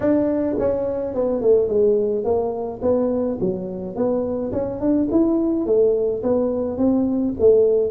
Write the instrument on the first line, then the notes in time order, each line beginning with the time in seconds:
tuba
0.00 D4
0.58 C#4
1.14 B3
1.41 A3
1.67 G#3
2.24 A#3
2.81 B3
3.40 F#3
3.95 B3
4.52 C#4
4.80 D4
5.11 E4
5.66 A3
6.22 B3
6.77 C4
7.39 A3